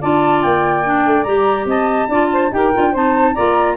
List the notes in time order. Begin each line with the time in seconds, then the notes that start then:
0.00 D4 F4 D5 A5
0.42 A#3 G5
0.84 D4
1.06 A3
1.23 G3 G4 A#5
1.65 C4 D#5 A5
2.09 D4 F4 D5
2.32 C5
2.51 D#4 G4 A#4 G5
2.74 D4 F4
2.91 C4 D#4 C5 A5
3.34 A#3 F4 D5 A#5